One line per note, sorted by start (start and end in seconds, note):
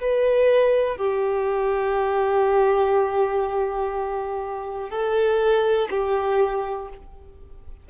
0.00 0.97 B4
0.97 4.90 G4
4.90 5.88 A4
5.90 6.89 G4